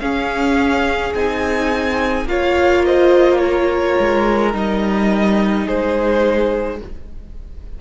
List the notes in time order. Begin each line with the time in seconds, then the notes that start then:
0.00 C#4 G#4 F5
1.14 C4 D#4 G#5
2.25 A#3 F4 C#5 F5
2.85 C5 D#5
3.37 A#4 C#5
4.00 G#3
4.52 G3 D#4 D#5
5.65 G#3 G#4 C5